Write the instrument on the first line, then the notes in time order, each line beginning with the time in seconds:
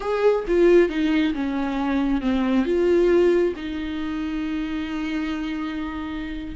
viola
0.00 G#4
0.47 F4
0.89 D#4
1.34 C#4
2.21 C4
2.65 F4
3.56 D#4